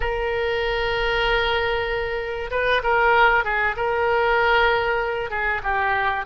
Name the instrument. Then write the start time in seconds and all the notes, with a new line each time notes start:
oboe
0.00 A#4
2.50 B4
2.83 A#4
3.44 G#4
3.76 A#4
5.30 G#4
5.63 G4